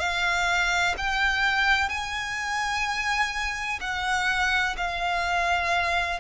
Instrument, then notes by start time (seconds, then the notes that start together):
violin
0.00 F5
0.98 G5
1.89 G#5
3.81 F#5
4.77 F5